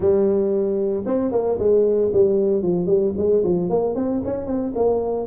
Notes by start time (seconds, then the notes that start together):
0.00 G3
1.06 C4
1.31 A#3
1.59 G#3
2.13 G3
2.62 F3
2.86 G3
3.17 G#3
3.43 F3
3.69 A#3
3.95 C4
4.24 C#4
4.46 C4
4.75 A#3